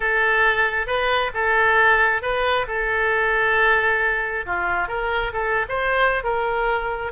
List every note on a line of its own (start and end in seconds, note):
0.00 0.86 A4
0.86 1.31 B4
1.34 2.22 A4
2.22 2.66 B4
2.67 4.45 A4
4.46 4.88 F4
4.88 5.32 A#4
5.32 5.66 A4
5.68 6.23 C5
6.23 7.12 A#4